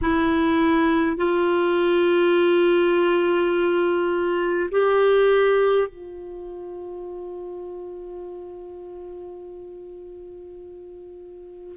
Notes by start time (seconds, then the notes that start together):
0.01 E4
1.17 F4
4.71 G4
5.88 F4